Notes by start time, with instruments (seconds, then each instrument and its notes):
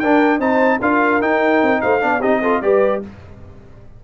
0.00 tuba D4, trombone D4, horn A#4, trumpet G5
0.40 tuba C4, trombone D#4, horn C5, trumpet A5
0.81 tuba D4, trombone F4, horn A#4, trumpet F5
1.22 tuba D#4, trombone D#4, trumpet G5
1.63 tuba C4
1.82 tuba A3, horn C5, trumpet F5
2.01 tuba B3, trombone D4, horn D5
2.21 tuba C4, trombone D#4, horn G4, trumpet D#5
2.43 trombone F4, horn A4
2.62 tuba G3, trombone G4, horn B4, trumpet D5